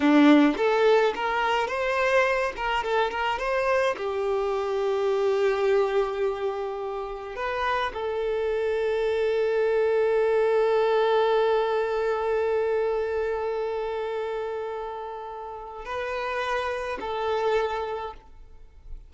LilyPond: \new Staff \with { instrumentName = "violin" } { \time 4/4 \tempo 4 = 106 d'4 a'4 ais'4 c''4~ | c''8 ais'8 a'8 ais'8 c''4 g'4~ | g'1~ | g'4 b'4 a'2~ |
a'1~ | a'1~ | a'1 | b'2 a'2 | }